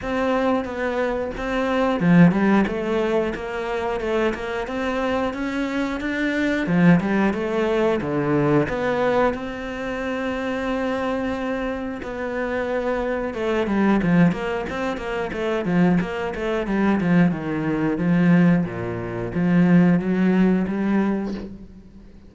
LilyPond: \new Staff \with { instrumentName = "cello" } { \time 4/4 \tempo 4 = 90 c'4 b4 c'4 f8 g8 | a4 ais4 a8 ais8 c'4 | cis'4 d'4 f8 g8 a4 | d4 b4 c'2~ |
c'2 b2 | a8 g8 f8 ais8 c'8 ais8 a8 f8 | ais8 a8 g8 f8 dis4 f4 | ais,4 f4 fis4 g4 | }